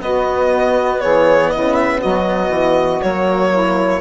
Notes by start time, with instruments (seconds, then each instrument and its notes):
0.00 cello B3, bassoon B3, saxophone F#4, violin D#5
1.00 bassoon E3, saxophone G#4, violin C#5
1.50 bassoon C#3, saxophone E4, violin D#5
1.75 violin E5
1.99 bassoon F#3, saxophone F#4, violin D#5
2.49 bassoon E3
3.01 bassoon F#3, cello A#3, violin C#5
3.50 saxophone E4